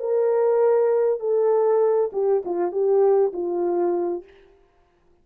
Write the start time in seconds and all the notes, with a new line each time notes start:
0.00 A#4
1.20 A4
2.13 G4
2.45 F4
2.72 G4
3.33 F4